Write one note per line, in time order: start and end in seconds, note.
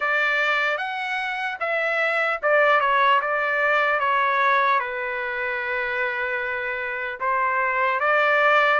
0.00 0.77 D5
0.77 1.57 F#5
1.60 2.40 E5
2.42 2.80 D5
2.80 3.20 C#5
3.21 3.99 D5
3.99 4.79 C#5
4.79 7.19 B4
7.20 8.00 C5
8.00 8.80 D5